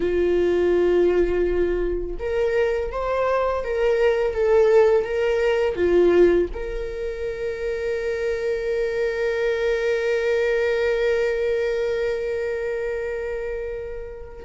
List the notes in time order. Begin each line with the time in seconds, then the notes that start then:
0.00 F4
2.19 A#4
2.91 C5
3.63 A#4
4.34 A4
5.04 A#4
5.75 F4
6.53 A#4